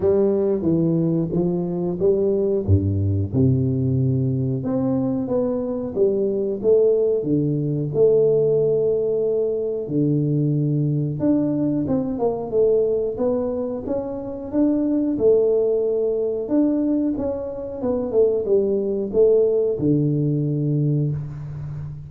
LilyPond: \new Staff \with { instrumentName = "tuba" } { \time 4/4 \tempo 4 = 91 g4 e4 f4 g4 | g,4 c2 c'4 | b4 g4 a4 d4 | a2. d4~ |
d4 d'4 c'8 ais8 a4 | b4 cis'4 d'4 a4~ | a4 d'4 cis'4 b8 a8 | g4 a4 d2 | }